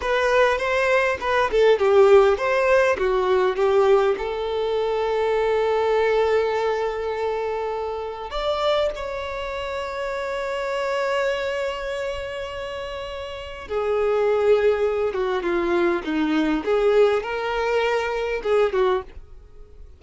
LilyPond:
\new Staff \with { instrumentName = "violin" } { \time 4/4 \tempo 4 = 101 b'4 c''4 b'8 a'8 g'4 | c''4 fis'4 g'4 a'4~ | a'1~ | a'2 d''4 cis''4~ |
cis''1~ | cis''2. gis'4~ | gis'4. fis'8 f'4 dis'4 | gis'4 ais'2 gis'8 fis'8 | }